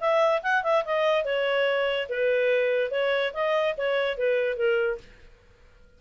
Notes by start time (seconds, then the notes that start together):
0.00 E5
0.42 F#5
0.63 E5
0.85 D#5
1.24 C#5
2.09 B4
2.91 C#5
3.33 D#5
3.77 C#5
4.17 B4
4.56 A#4